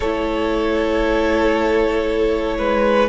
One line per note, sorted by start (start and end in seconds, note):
0.00 2.59 A3
0.00 3.09 E4
0.00 2.57 A4
0.00 3.09 C#5
2.58 3.09 G#3
2.58 3.09 B4